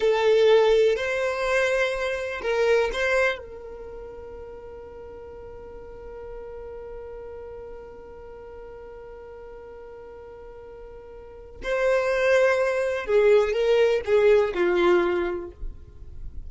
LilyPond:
\new Staff \with { instrumentName = "violin" } { \time 4/4 \tempo 4 = 124 a'2 c''2~ | c''4 ais'4 c''4 ais'4~ | ais'1~ | ais'1~ |
ais'1~ | ais'1 | c''2. gis'4 | ais'4 gis'4 f'2 | }